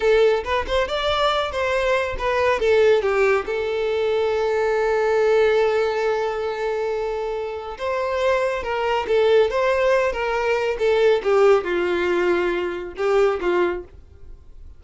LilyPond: \new Staff \with { instrumentName = "violin" } { \time 4/4 \tempo 4 = 139 a'4 b'8 c''8 d''4. c''8~ | c''4 b'4 a'4 g'4 | a'1~ | a'1~ |
a'2 c''2 | ais'4 a'4 c''4. ais'8~ | ais'4 a'4 g'4 f'4~ | f'2 g'4 f'4 | }